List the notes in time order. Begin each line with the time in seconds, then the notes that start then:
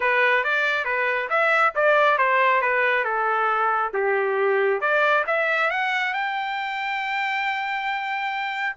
0.00 B4
0.44 D5
0.84 B4
1.29 E5
1.75 D5
2.18 C5
2.61 B4
3.04 A4
3.93 G4
4.80 D5
5.27 E5
5.70 F#5
6.13 G5